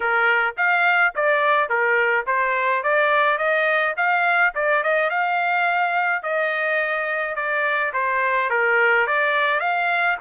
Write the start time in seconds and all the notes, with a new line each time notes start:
0.00 A#4
0.57 F5
1.15 D5
1.69 A#4
2.26 C5
2.83 D5
3.38 D#5
3.96 F5
4.54 D5
4.83 D#5
5.10 F5
6.22 D#5
7.35 D5
7.93 C5
8.50 A#4
9.06 D5
9.60 F5